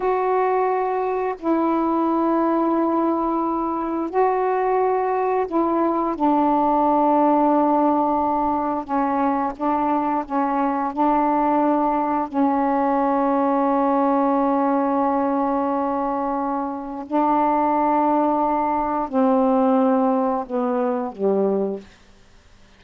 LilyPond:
\new Staff \with { instrumentName = "saxophone" } { \time 4/4 \tempo 4 = 88 fis'2 e'2~ | e'2 fis'2 | e'4 d'2.~ | d'4 cis'4 d'4 cis'4 |
d'2 cis'2~ | cis'1~ | cis'4 d'2. | c'2 b4 g4 | }